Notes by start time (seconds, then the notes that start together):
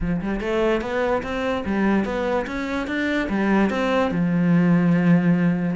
0.00 F3
0.21 G3
0.40 A3
0.81 B3
1.22 C4
1.65 G3
2.05 B3
2.47 C#4
2.87 D4
3.29 G3
3.70 C4
4.11 F3